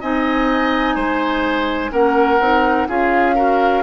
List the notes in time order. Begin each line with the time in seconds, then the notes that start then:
0.00 C4 D#4 D#5 G#5
0.95 G#3 C5
1.91 A#3 C#4 A#4 F#5
2.39 C4 D#4
2.88 C#4 F4 G#4 F5
3.35 F#4 A#4